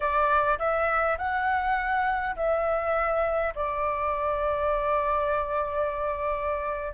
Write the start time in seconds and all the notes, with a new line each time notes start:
0.00 D5
0.59 E5
1.17 F#5
2.36 E5
3.55 D5